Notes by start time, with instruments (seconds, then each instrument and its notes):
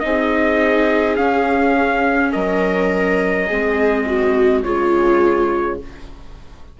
0.00 bassoon C4, viola D#4 G#4, trumpet D#5
1.16 viola C#4, bassoon C#4, trumpet F5
2.32 bassoon F#3, viola A#4, trumpet D#5
3.47 bassoon G#3, viola C4 G#4
4.06 viola F#4
4.63 bassoon C#3, viola G#3 F4, trumpet C#5